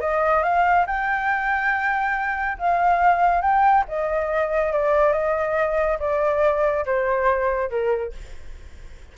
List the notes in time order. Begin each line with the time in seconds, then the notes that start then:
0.00 D#5
0.43 F5
0.86 G5
2.58 F5
3.41 G5
3.88 D#5
4.73 D5
5.12 D#5
5.99 D5
6.86 C5
7.70 A#4